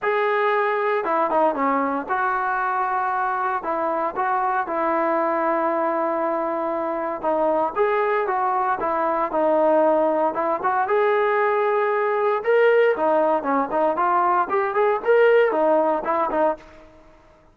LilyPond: \new Staff \with { instrumentName = "trombone" } { \time 4/4 \tempo 4 = 116 gis'2 e'8 dis'8 cis'4 | fis'2. e'4 | fis'4 e'2.~ | e'2 dis'4 gis'4 |
fis'4 e'4 dis'2 | e'8 fis'8 gis'2. | ais'4 dis'4 cis'8 dis'8 f'4 | g'8 gis'8 ais'4 dis'4 e'8 dis'8 | }